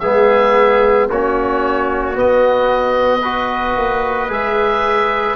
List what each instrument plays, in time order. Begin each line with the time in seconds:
0.00 tuba G#3, trombone B3, trumpet G#4, oboe E5
1.10 tuba A#3, trombone C#4, trumpet F#4, oboe C#5
2.15 trombone B3, tuba B3, oboe D#5
3.22 trombone F#4, trumpet B4
3.77 tuba A#3
4.29 tuba G#3, trombone G#4, oboe E5